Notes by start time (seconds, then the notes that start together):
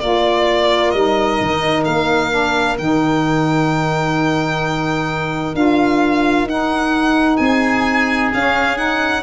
0.00 A#3 F4 A#4 D5
0.90 G3 D#4 D#5
1.40 D#3
1.84 A#3 F5
2.30 D4
2.78 D#3 D#4 G5
5.54 D4 F4 F5
6.43 D#4 F#5
7.36 C4 G#4 G#5
8.32 C#4 F5
8.76 D#4 F#5